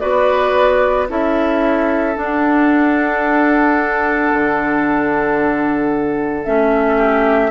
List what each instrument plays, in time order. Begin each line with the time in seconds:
0.00 bassoon B3, clarinet F#4, oboe B4, flute D5
1.08 bassoon C#4, clarinet E4, oboe A4, flute E5
2.15 clarinet D4, bassoon D4, flute F#5
4.33 bassoon D3
6.44 bassoon A3, clarinet C#4, flute E5
6.97 oboe G4